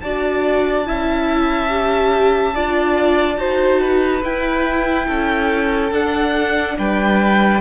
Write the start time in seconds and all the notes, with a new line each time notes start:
0.00 D4 F#4 D5 A5
0.86 C#4 E4 E5
1.69 G4
2.54 D4 F4 D5
3.37 D#4 F#4 C5
3.81 B4
4.23 E4 G5
5.06 C#4 A4
5.91 D4 F#5
6.78 G3 B4 G5